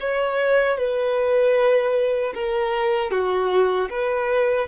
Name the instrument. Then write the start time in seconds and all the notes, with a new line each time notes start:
violin
0.00 C#5
0.78 B4
2.34 A#4
3.11 F#4
3.90 B4